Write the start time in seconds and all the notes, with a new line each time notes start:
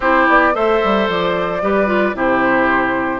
0.00 C4 E4 G4 C5
0.28 B3 D5
0.53 A3 A4 C5 E5
0.83 G3
1.08 F3 D5
1.61 G3 G4 B4
1.86 F4
2.14 C3 E4 G4 C5